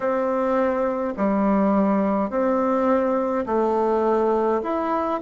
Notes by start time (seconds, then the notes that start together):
0.00 C4
1.16 G3
2.30 C4
3.46 A3
4.62 E4